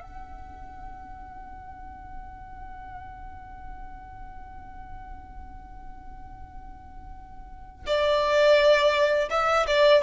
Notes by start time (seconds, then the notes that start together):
0.00 F#5
7.86 D5
9.30 E5
9.67 D5